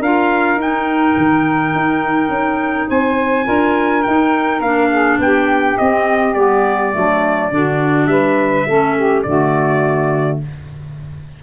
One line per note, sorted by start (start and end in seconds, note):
0.00 0.56 D4
0.00 0.59 F4
0.00 2.88 A#4
0.00 0.60 F5
0.56 1.14 D#4
0.56 3.45 D#4
0.56 2.90 G5
1.17 1.75 D#3
1.75 2.29 D#4
2.29 2.87 C#4
2.89 3.48 C4
2.89 3.45 C5
2.89 4.03 G#5
3.45 4.06 D4
3.45 4.03 F4
3.45 4.90 A#4
4.03 4.61 D#4
4.03 4.64 D#4
4.03 4.61 G5
4.61 5.18 A#3
4.61 5.79 D4
4.61 5.20 F5
4.90 5.19 G#4
5.18 5.76 B3
5.18 6.95 G4
5.18 5.78 G5
5.78 6.35 C4
5.78 6.36 C4
5.78 6.34 D#5
6.34 6.93 G3
6.34 6.92 B3
6.34 8.07 D5
6.92 7.52 F#3
6.92 7.50 A3
6.92 7.53 D4
7.51 8.07 D3
7.51 8.67 D4
7.51 8.10 F#4
8.07 8.64 G3
8.07 8.68 B4
8.07 9.22 E5
8.68 9.26 A3
8.68 9.26 C#4
8.68 8.96 A4
8.96 9.25 G4
9.23 10.41 D3
9.23 10.43 A3
9.23 10.41 F#4
9.23 10.38 D5